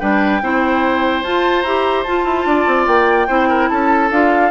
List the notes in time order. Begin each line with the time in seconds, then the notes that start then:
0.00 G3 D4 B4 G5
0.42 C4 E4 C5
1.23 F4 A5
1.62 E4 G4 A#5
2.03 F4 A5
2.24 E4
2.46 D4 D5
2.67 C4
2.87 A#3 G5
3.28 C4 E4 C5
3.49 A#4
3.69 C#4 A4 A5
4.11 D4 F4 F5